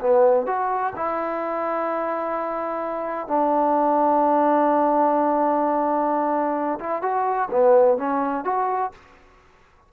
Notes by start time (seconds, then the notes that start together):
0.00 B3
0.46 F#4
0.96 E4
3.27 D4
6.79 E4
7.02 F#4
7.50 B3
7.98 C#4
8.44 F#4